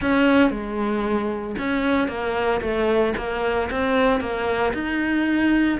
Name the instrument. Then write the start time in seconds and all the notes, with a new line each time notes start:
cello
0.01 C#4
0.50 G#3
1.58 C#4
2.08 A#3
2.61 A3
3.17 A#3
3.70 C4
4.20 A#3
4.73 D#4